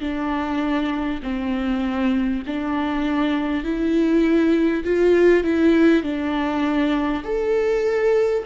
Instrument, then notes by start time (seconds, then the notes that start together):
viola
0.00 D4
1.23 C4
2.47 D4
3.63 E4
4.84 F4
5.44 E4
6.03 D4
7.24 A4